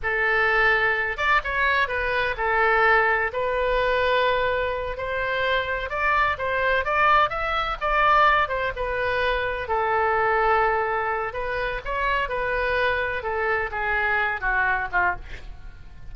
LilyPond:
\new Staff \with { instrumentName = "oboe" } { \time 4/4 \tempo 4 = 127 a'2~ a'8 d''8 cis''4 | b'4 a'2 b'4~ | b'2~ b'8 c''4.~ | c''8 d''4 c''4 d''4 e''8~ |
e''8 d''4. c''8 b'4.~ | b'8 a'2.~ a'8 | b'4 cis''4 b'2 | a'4 gis'4. fis'4 f'8 | }